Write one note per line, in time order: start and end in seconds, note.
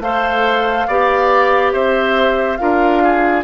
0.00 0.86 A3
0.00 0.89 A4
0.00 0.87 C5
0.00 1.73 F5
0.87 1.74 B3
0.87 2.59 G4
0.87 1.73 D5
1.73 2.59 C4
1.73 2.59 C5
1.73 2.56 E5
2.56 3.44 D4
2.56 3.44 F4
2.56 3.03 A#4
2.56 3.42 F5
3.03 3.44 G#4